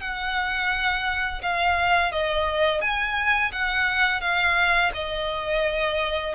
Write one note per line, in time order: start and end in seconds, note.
0.00 1.41 F#5
1.42 2.12 F5
2.12 2.81 D#5
2.81 3.51 G#5
3.52 4.20 F#5
4.20 4.91 F5
4.93 6.34 D#5